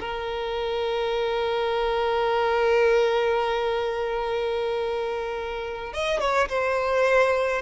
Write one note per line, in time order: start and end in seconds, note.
0.00 5.93 A#4
5.93 6.20 D#5
6.20 6.48 C#5
6.48 7.62 C5